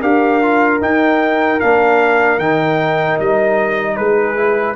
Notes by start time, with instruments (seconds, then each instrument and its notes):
0.00 tuba D4, trombone G4, horn A#4, trumpet F5
0.41 trombone F4
0.80 trombone D#4, tuba D#4, trumpet G5
1.60 tuba A#3, trombone D4, trumpet F5
2.37 tuba D#3, trombone D#4, trumpet G5
3.19 tuba G3, trumpet D#5
3.96 tuba G#3, horn G#4, trumpet B4
4.36 trombone E4